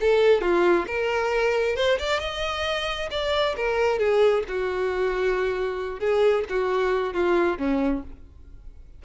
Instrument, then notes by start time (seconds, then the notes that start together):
violin
0.00 A4
0.41 F4
0.87 A#4
1.76 C5
1.98 D5
2.19 D#5
3.11 D5
3.56 A#4
3.98 G#4
4.48 F#4
5.99 G#4
6.49 F#4
7.13 F4
7.58 C#4